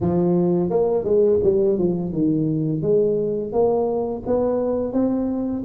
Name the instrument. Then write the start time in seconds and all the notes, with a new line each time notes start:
tuba
0.00 F3
0.70 A#3
1.04 G#3
1.43 G3
1.78 F3
2.12 D#3
2.82 G#3
3.52 A#3
4.26 B3
4.93 C4